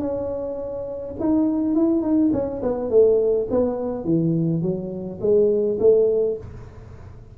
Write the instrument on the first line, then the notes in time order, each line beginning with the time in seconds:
tuba
0.00 C#4
1.20 D#4
1.75 E4
2.02 D#4
2.33 C#4
2.62 B3
2.90 A3
3.50 B3
4.04 E3
4.62 F#3
5.21 G#3
5.80 A3